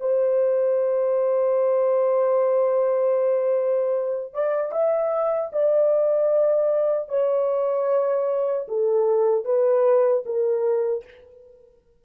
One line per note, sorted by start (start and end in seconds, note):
0.00 4.34 C5
4.34 4.72 D5
4.72 5.51 E5
5.52 7.09 D5
7.09 8.67 C#5
8.68 9.45 A4
9.45 10.24 B4
10.26 11.05 A#4